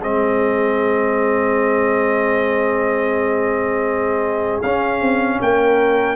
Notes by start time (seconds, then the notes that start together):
0.00 G#3 C4 G#4 D#5
4.63 C#4 F5
5.01 C4
5.42 A#3 A#4 G5